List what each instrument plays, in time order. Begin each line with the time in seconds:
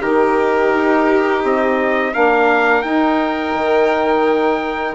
0.00 bassoon D#3, saxophone D#4, violin G4, trumpet A#4
0.74 bassoon D#4
1.44 bassoon C4, trumpet D#5
2.13 bassoon A#3, saxophone D4, violin A#4, trumpet F5
2.82 bassoon D#4, saxophone D#4, trumpet G5
3.55 bassoon D#3